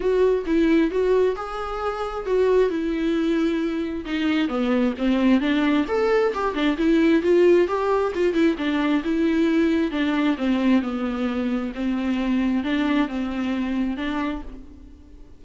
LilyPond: \new Staff \with { instrumentName = "viola" } { \time 4/4 \tempo 4 = 133 fis'4 e'4 fis'4 gis'4~ | gis'4 fis'4 e'2~ | e'4 dis'4 b4 c'4 | d'4 a'4 g'8 d'8 e'4 |
f'4 g'4 f'8 e'8 d'4 | e'2 d'4 c'4 | b2 c'2 | d'4 c'2 d'4 | }